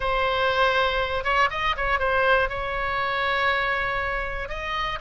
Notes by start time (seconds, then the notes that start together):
0.00 C5
1.24 C#5
1.50 D#5
1.76 C#5
1.99 C5
2.49 C#5
4.48 D#5